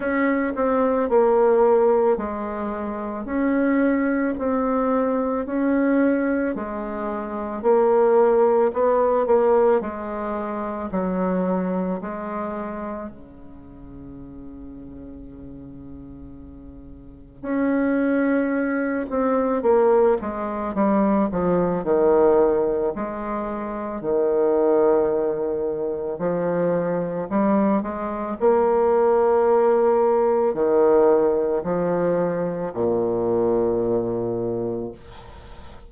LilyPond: \new Staff \with { instrumentName = "bassoon" } { \time 4/4 \tempo 4 = 55 cis'8 c'8 ais4 gis4 cis'4 | c'4 cis'4 gis4 ais4 | b8 ais8 gis4 fis4 gis4 | cis1 |
cis'4. c'8 ais8 gis8 g8 f8 | dis4 gis4 dis2 | f4 g8 gis8 ais2 | dis4 f4 ais,2 | }